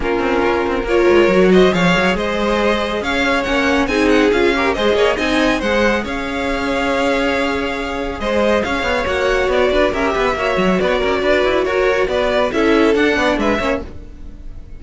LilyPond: <<
  \new Staff \with { instrumentName = "violin" } { \time 4/4 \tempo 4 = 139 ais'2 cis''4. dis''8 | f''4 dis''2 f''4 | fis''4 gis''8 fis''8 f''4 dis''4 | gis''4 fis''4 f''2~ |
f''2. dis''4 | f''4 fis''4 d''4 e''4~ | e''4 d''2 cis''4 | d''4 e''4 fis''4 e''4 | }
  \new Staff \with { instrumentName = "violin" } { \time 4/4 f'2 ais'4. c''8 | cis''4 c''2 cis''4~ | cis''4 gis'4. ais'8 c''8 cis''8 | dis''4 c''4 cis''2~ |
cis''2. c''4 | cis''2~ cis''8 b'8 ais'8 b'8 | cis''4 b'16 cis''16 ais'8 b'4 ais'4 | b'4 a'4. d''8 b'8 cis''8 | }
  \new Staff \with { instrumentName = "viola" } { \time 4/4 cis'2 f'4 fis'4 | gis'1 | cis'4 dis'4 f'8 g'8 gis'4 | dis'4 gis'2.~ |
gis'1~ | gis'4 fis'2 g'4 | fis'1~ | fis'4 e'4 d'4. cis'8 | }
  \new Staff \with { instrumentName = "cello" } { \time 4/4 ais8 c'8 cis'8 c'8 ais8 gis8 fis4 | f8 fis8 gis2 cis'4 | ais4 c'4 cis'4 gis8 ais8 | c'4 gis4 cis'2~ |
cis'2. gis4 | cis'8 b8 ais4 b8 d'8 cis'8 b8 | ais8 fis8 b8 cis'8 d'8 e'8 fis'4 | b4 cis'4 d'8 b8 gis8 ais8 | }
>>